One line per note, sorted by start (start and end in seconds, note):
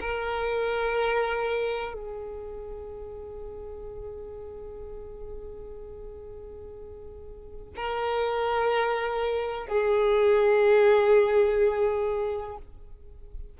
0.00 1.93 A#4
1.93 7.74 G#4
7.76 9.67 A#4
9.67 12.57 G#4